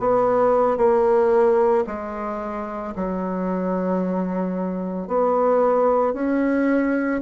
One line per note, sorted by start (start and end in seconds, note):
0.00 0.77 B3
0.77 1.85 A#3
1.87 2.94 G#3
2.96 5.08 F#3
5.08 6.14 B3
6.14 7.21 C#4